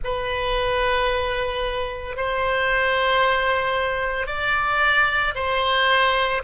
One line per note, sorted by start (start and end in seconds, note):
0.03 2.16 B4
2.16 4.27 C5
4.27 5.34 D5
5.34 6.41 C5